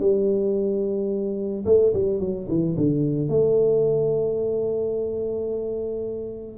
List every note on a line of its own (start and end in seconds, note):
0.00 1.65 G3
1.66 1.93 A3
1.94 2.20 G3
2.20 2.47 F#3
2.48 2.76 E3
2.77 3.29 D3
3.29 6.58 A3